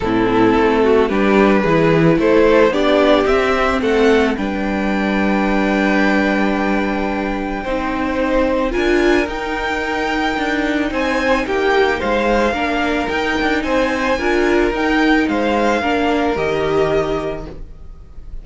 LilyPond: <<
  \new Staff \with { instrumentName = "violin" } { \time 4/4 \tempo 4 = 110 a'2 b'2 | c''4 d''4 e''4 fis''4 | g''1~ | g''1 |
gis''4 g''2. | gis''4 g''4 f''2 | g''4 gis''2 g''4 | f''2 dis''2 | }
  \new Staff \with { instrumentName = "violin" } { \time 4/4 e'4. fis'8 g'4 gis'4 | a'4 g'2 a'4 | b'1~ | b'2 c''2 |
ais'1 | c''4 g'4 c''4 ais'4~ | ais'4 c''4 ais'2 | c''4 ais'2. | }
  \new Staff \with { instrumentName = "viola" } { \time 4/4 c'2 d'4 e'4~ | e'4 d'4 c'2 | d'1~ | d'2 dis'2 |
f'4 dis'2.~ | dis'2. d'4 | dis'2 f'4 dis'4~ | dis'4 d'4 g'2 | }
  \new Staff \with { instrumentName = "cello" } { \time 4/4 a,4 a4 g4 e4 | a4 b4 c'4 a4 | g1~ | g2 c'2 |
d'4 dis'2 d'4 | c'4 ais4 gis4 ais4 | dis'8 d'8 c'4 d'4 dis'4 | gis4 ais4 dis2 | }
>>